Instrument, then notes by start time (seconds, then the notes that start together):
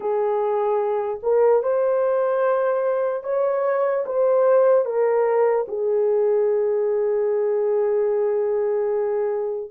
horn
0.00 G#4
1.22 A#4
1.63 C5
3.23 C#5
4.05 C5
4.85 A#4
5.68 G#4